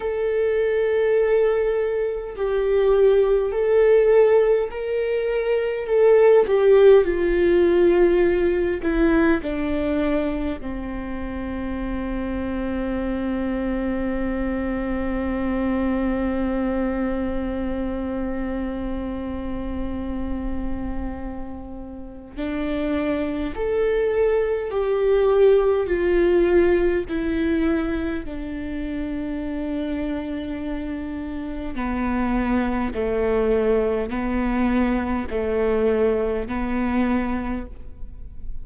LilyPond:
\new Staff \with { instrumentName = "viola" } { \time 4/4 \tempo 4 = 51 a'2 g'4 a'4 | ais'4 a'8 g'8 f'4. e'8 | d'4 c'2.~ | c'1~ |
c'2. d'4 | a'4 g'4 f'4 e'4 | d'2. b4 | a4 b4 a4 b4 | }